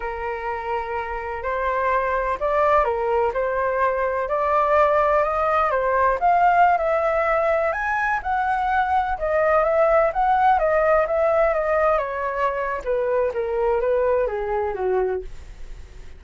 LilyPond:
\new Staff \with { instrumentName = "flute" } { \time 4/4 \tempo 4 = 126 ais'2. c''4~ | c''4 d''4 ais'4 c''4~ | c''4 d''2 dis''4 | c''4 f''4~ f''16 e''4.~ e''16~ |
e''16 gis''4 fis''2 dis''8.~ | dis''16 e''4 fis''4 dis''4 e''8.~ | e''16 dis''4 cis''4.~ cis''16 b'4 | ais'4 b'4 gis'4 fis'4 | }